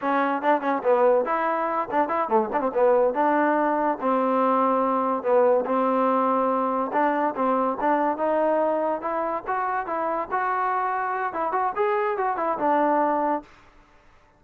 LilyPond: \new Staff \with { instrumentName = "trombone" } { \time 4/4 \tempo 4 = 143 cis'4 d'8 cis'8 b4 e'4~ | e'8 d'8 e'8 a8 d'16 c'16 b4 d'8~ | d'4. c'2~ c'8~ | c'8 b4 c'2~ c'8~ |
c'8 d'4 c'4 d'4 dis'8~ | dis'4. e'4 fis'4 e'8~ | e'8 fis'2~ fis'8 e'8 fis'8 | gis'4 fis'8 e'8 d'2 | }